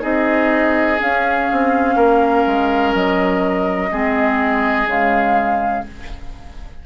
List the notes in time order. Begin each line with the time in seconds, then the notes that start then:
0.00 C4 D#4 G#4 D#5
0.99 C#4 F5
1.52 C4
1.96 A#3 A#4
2.46 G#3
2.94 F#3 D#5
3.91 G#3 C4 G#4
4.85 C#3 G#3 F5